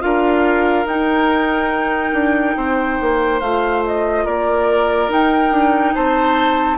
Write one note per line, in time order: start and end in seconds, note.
0.00 0.85 D4
0.00 0.85 F4
0.00 2.57 A#4
0.00 0.86 F5
0.85 2.12 D#4
0.85 3.40 D#4
0.85 3.40 G5
2.13 2.55 D4
2.56 2.98 C4
2.56 4.24 C5
3.00 3.41 A#3
3.40 4.25 A3
3.40 5.09 F4
3.40 3.82 F5
3.86 4.26 D#5
4.24 5.10 A#3
4.24 5.93 A#4
4.24 5.10 D5
5.09 6.78 D#4
5.09 5.51 D#4
5.09 5.95 G5
5.51 5.93 D4
5.95 6.78 C4
5.95 6.78 C5
5.95 6.78 A5